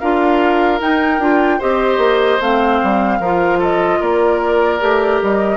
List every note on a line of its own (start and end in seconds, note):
0.00 0.81 D4
0.00 0.80 F4
0.00 1.59 A#4
0.00 0.80 F5
0.80 1.20 D#4
0.80 1.19 D#4
0.80 1.62 G5
1.19 1.59 D4
1.19 1.60 F4
1.59 1.98 C4
1.59 2.40 G4
1.59 3.19 C5
1.59 2.42 D#5
1.98 2.38 A#3
2.41 2.81 A3
2.41 3.21 C4
2.41 3.62 F5
2.83 3.20 G3
3.20 4.00 F3
3.20 4.80 F4
3.20 3.59 A#4
3.59 3.99 A4
3.59 4.02 D#5
4.00 4.81 A#3
4.00 5.57 A#4
4.00 5.22 D5
4.80 5.22 A3
4.80 5.57 G4
5.22 5.57 G3
5.22 5.57 D#5